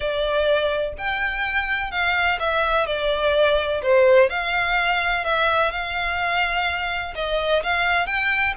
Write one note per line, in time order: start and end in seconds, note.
0.00 0.93 D5
0.98 1.91 G5
1.91 2.39 F5
2.39 2.86 E5
2.86 3.81 D5
3.82 4.29 C5
4.29 5.24 F5
5.24 5.71 E5
5.71 7.13 F5
7.15 7.62 D#5
7.63 8.06 F5
8.06 8.53 G5